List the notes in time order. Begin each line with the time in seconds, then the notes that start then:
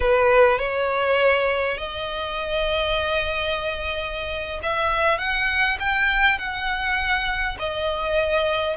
0.00 B4
0.58 C#5
1.77 D#5
4.63 E5
5.18 F#5
5.79 G5
6.38 F#5
7.59 D#5